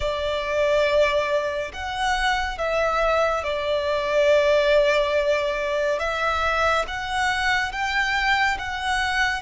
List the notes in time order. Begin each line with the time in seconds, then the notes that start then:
0.00 D5
1.72 F#5
2.58 E5
3.43 D5
5.99 E5
6.87 F#5
7.71 G5
8.58 F#5